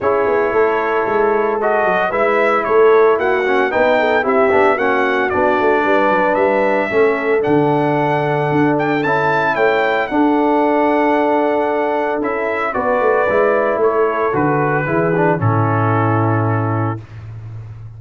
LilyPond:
<<
  \new Staff \with { instrumentName = "trumpet" } { \time 4/4 \tempo 4 = 113 cis''2. dis''4 | e''4 cis''4 fis''4 g''4 | e''4 fis''4 d''2 | e''2 fis''2~ |
fis''8 g''8 a''4 g''4 fis''4~ | fis''2. e''4 | d''2 cis''4 b'4~ | b'4 a'2. | }
  \new Staff \with { instrumentName = "horn" } { \time 4/4 gis'4 a'2. | b'4 a'4 fis'4 b'8 a'8 | g'4 fis'2 b'4~ | b'4 a'2.~ |
a'2 cis''4 a'4~ | a'1 | b'2 a'2 | gis'4 e'2. | }
  \new Staff \with { instrumentName = "trombone" } { \time 4/4 e'2. fis'4 | e'2~ e'8 cis'8 dis'4 | e'8 d'8 cis'4 d'2~ | d'4 cis'4 d'2~ |
d'4 e'2 d'4~ | d'2. e'4 | fis'4 e'2 fis'4 | e'8 d'8 cis'2. | }
  \new Staff \with { instrumentName = "tuba" } { \time 4/4 cis'8 b8 a4 gis4. fis8 | gis4 a4 ais4 b4 | c'8 b8 ais4 b8 a8 g8 fis8 | g4 a4 d2 |
d'4 cis'4 a4 d'4~ | d'2. cis'4 | b8 a8 gis4 a4 d4 | e4 a,2. | }
>>